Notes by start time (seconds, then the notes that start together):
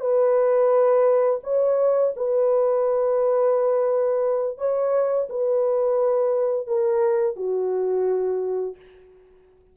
0.00 B4
1.43 C#5
2.16 B4
4.58 C#5
5.29 B4
6.67 A#4
7.36 F#4